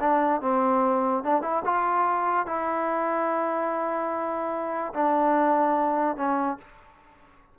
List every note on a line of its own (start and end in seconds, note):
0.00 0.41 D4
0.41 1.23 C4
1.23 1.42 D4
1.42 1.63 E4
1.65 2.46 F4
2.46 4.93 E4
4.93 6.16 D4
6.16 6.57 C#4